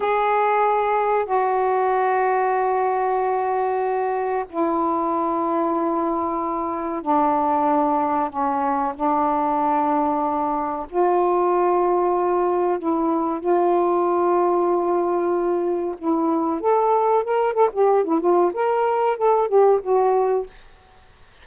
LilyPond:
\new Staff \with { instrumentName = "saxophone" } { \time 4/4 \tempo 4 = 94 gis'2 fis'2~ | fis'2. e'4~ | e'2. d'4~ | d'4 cis'4 d'2~ |
d'4 f'2. | e'4 f'2.~ | f'4 e'4 a'4 ais'8 a'16 g'16~ | g'16 e'16 f'8 ais'4 a'8 g'8 fis'4 | }